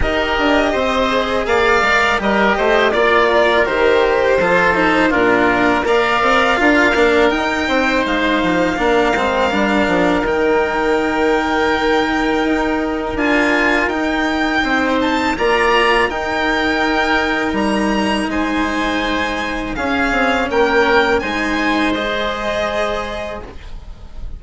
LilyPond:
<<
  \new Staff \with { instrumentName = "violin" } { \time 4/4 \tempo 4 = 82 dis''2 f''4 dis''4 | d''4 c''2 ais'4 | f''2 g''4 f''4~ | f''2 g''2~ |
g''2 gis''4 g''4~ | g''8 a''8 ais''4 g''2 | ais''4 gis''2 f''4 | g''4 gis''4 dis''2 | }
  \new Staff \with { instrumentName = "oboe" } { \time 4/4 ais'4 c''4 d''4 ais'8 c''8 | d''8 ais'4. a'4 f'4 | d''4 ais'4. c''4. | ais'1~ |
ais'1 | c''4 d''4 ais'2~ | ais'4 c''2 gis'4 | ais'4 c''2. | }
  \new Staff \with { instrumentName = "cello" } { \time 4/4 g'4. gis'4 ais'8 g'4 | f'4 g'4 f'8 dis'8 d'4 | ais'4 f'8 d'8 dis'2 | d'8 c'8 d'4 dis'2~ |
dis'2 f'4 dis'4~ | dis'4 f'4 dis'2~ | dis'2. cis'4~ | cis'4 dis'4 gis'2 | }
  \new Staff \with { instrumentName = "bassoon" } { \time 4/4 dis'8 d'8 c'4 ais8 gis8 g8 a8 | ais4 dis4 f4 ais,4 | ais8 c'8 d'8 ais8 dis'8 c'8 gis8 f8 | ais8 gis8 g8 f8 dis2~ |
dis4 dis'4 d'4 dis'4 | c'4 ais4 dis'2 | g4 gis2 cis'8 c'8 | ais4 gis2. | }
>>